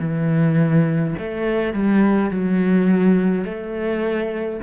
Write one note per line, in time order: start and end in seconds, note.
0.00 1.15 E3
1.19 1.74 A3
1.74 2.31 G3
2.31 3.45 F#3
3.45 4.60 A3